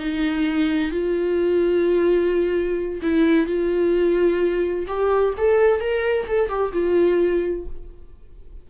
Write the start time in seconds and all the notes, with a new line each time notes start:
0.00 D#4
0.92 F4
3.03 E4
3.47 F4
4.88 G4
5.38 A4
5.81 A#4
6.28 A4
6.49 G4
6.73 F4